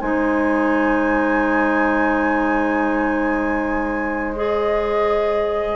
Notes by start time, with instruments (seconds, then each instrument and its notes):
0.00 bassoon G#3, clarinet D#4, oboe C5, flute G#5
4.35 clarinet G#4, flute D#5